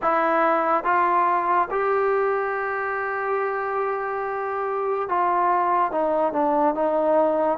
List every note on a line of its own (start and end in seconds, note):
0.02 0.84 E4
0.84 1.68 F4
1.70 5.08 G4
5.08 5.91 F4
5.91 6.33 D#4
6.33 6.74 D4
6.74 7.58 D#4